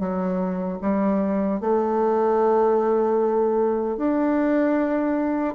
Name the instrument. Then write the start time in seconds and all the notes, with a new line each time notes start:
bassoon
0.00 F#3
0.82 G3
1.61 A3
3.97 D4